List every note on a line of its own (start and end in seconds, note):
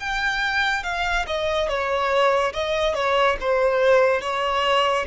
0.00 0.84 G5
0.84 1.26 F5
1.28 1.69 D#5
1.69 2.54 C#5
2.54 2.95 D#5
2.95 3.37 C#5
3.41 4.21 C5
4.21 5.06 C#5